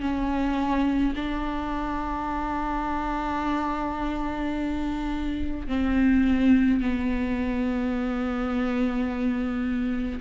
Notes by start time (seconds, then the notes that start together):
0.00 C#4
1.15 D4
5.68 C4
6.80 B3